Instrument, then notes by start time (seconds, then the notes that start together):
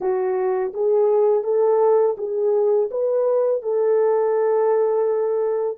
horn
0.00 F#4
0.73 G#4
1.43 A4
2.17 G#4
2.90 B4
3.62 A4